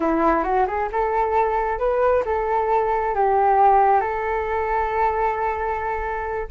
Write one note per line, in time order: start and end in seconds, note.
0.00 0.43 E4
0.43 0.66 F#4
0.67 0.89 G#4
0.92 1.78 A4
1.78 2.23 B4
2.25 3.14 A4
3.14 4.00 G4
4.00 6.47 A4